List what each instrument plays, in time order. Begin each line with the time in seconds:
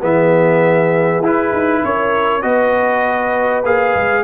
0.00 tuba E3, trombone B3, horn G#4, trumpet E5
1.20 tuba E4, trombone E4, trumpet B4
1.52 tuba D#4
1.84 tuba C#4, horn A#4, trumpet C#5
2.41 tuba B3, trombone F#4, horn B4, trumpet D#5
3.64 tuba A#3, trombone G#4, trumpet F5
3.95 tuba G#3